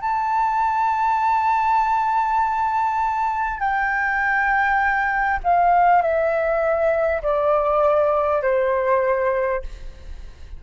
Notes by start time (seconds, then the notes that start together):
0.00 A5
3.59 G5
5.44 F5
6.01 E5
7.22 D5
8.42 C5